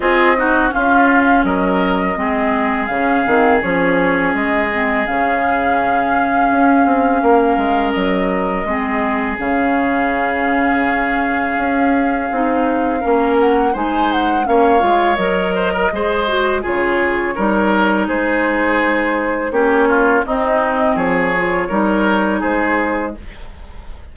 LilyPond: <<
  \new Staff \with { instrumentName = "flute" } { \time 4/4 \tempo 4 = 83 dis''4 f''4 dis''2 | f''4 cis''4 dis''4 f''4~ | f''2. dis''4~ | dis''4 f''2.~ |
f''2~ f''8 fis''8 gis''8 fis''8 | f''4 dis''2 cis''4~ | cis''4 c''2 cis''4 | dis''4 cis''2 c''4 | }
  \new Staff \with { instrumentName = "oboe" } { \time 4/4 gis'8 fis'8 f'4 ais'4 gis'4~ | gis'1~ | gis'2 ais'2 | gis'1~ |
gis'2 ais'4 c''4 | cis''4. c''16 ais'16 c''4 gis'4 | ais'4 gis'2 g'8 f'8 | dis'4 gis'4 ais'4 gis'4 | }
  \new Staff \with { instrumentName = "clarinet" } { \time 4/4 f'8 dis'8 cis'2 c'4 | cis'8 c'8 cis'4. c'8 cis'4~ | cis'1 | c'4 cis'2.~ |
cis'4 dis'4 cis'4 dis'4 | cis'8 f'8 ais'4 gis'8 fis'8 f'4 | dis'2. cis'4 | c'4. f'8 dis'2 | }
  \new Staff \with { instrumentName = "bassoon" } { \time 4/4 c'4 cis'4 fis4 gis4 | cis8 dis8 f4 gis4 cis4~ | cis4 cis'8 c'8 ais8 gis8 fis4 | gis4 cis2. |
cis'4 c'4 ais4 gis4 | ais8 gis8 fis4 gis4 cis4 | g4 gis2 ais4 | c'4 f4 g4 gis4 | }
>>